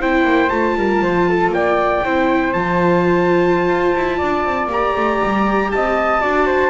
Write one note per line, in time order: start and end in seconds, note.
0.00 0.24 C4
0.00 0.51 E4
0.00 0.77 C5
0.00 0.50 G5
0.24 0.50 A#3
0.50 0.76 A3
0.50 2.03 F4
0.50 1.52 A5
0.76 1.02 G3
0.76 1.04 A#4
1.02 1.49 F3
1.02 1.29 C5
1.29 1.54 A4
1.49 2.00 A#3
1.49 2.05 D5
1.49 2.54 G5
2.05 2.55 C4
2.05 2.55 E4
2.05 4.18 C5
2.54 3.69 F3
2.54 4.69 F4
2.54 4.70 A5
3.69 3.94 F4
3.96 4.22 E4
4.18 4.46 D4
4.18 5.71 D5
4.46 4.67 C4
4.67 4.92 A#3
4.67 6.22 G4
4.73 5.72 A#5
4.96 5.22 A3
5.24 5.74 G3
5.72 6.23 C4
5.72 6.21 D#5
5.72 6.71 A5
6.21 6.71 D4
6.21 6.71 F#4
6.21 6.47 D5
6.47 6.71 C5